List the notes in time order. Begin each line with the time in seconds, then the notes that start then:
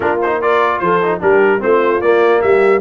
0.00 A#3 D4 F4 A#4
0.21 D#4 C5
0.41 F4 A#4 D5
0.79 F3 A4 C5
1.02 D#4
1.20 G3 D4 G4 A#4
1.59 A3 C4 F4 C5
2.01 A#3 D5
2.41 G3 G4 E5